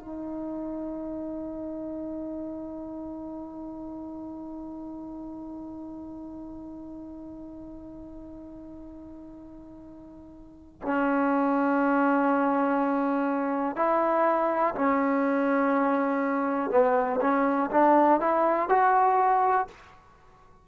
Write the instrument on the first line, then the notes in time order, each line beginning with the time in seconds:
trombone
0.00 D#4
10.82 C#4
13.77 E4
14.75 C#4
16.71 B3
17.21 C#4
17.71 D4
18.21 E4
18.69 F#4